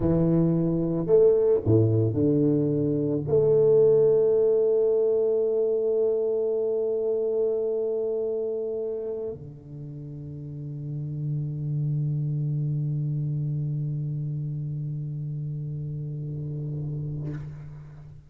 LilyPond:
\new Staff \with { instrumentName = "tuba" } { \time 4/4 \tempo 4 = 111 e2 a4 a,4 | d2 a2~ | a1~ | a1~ |
a4~ a16 d2~ d8.~ | d1~ | d1~ | d1 | }